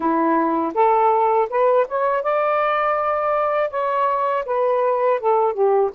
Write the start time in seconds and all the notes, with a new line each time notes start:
0.00 E4
0.74 A4
1.49 B4
1.88 C#5
2.22 D5
3.70 C#5
4.45 B4
5.20 A4
5.53 G4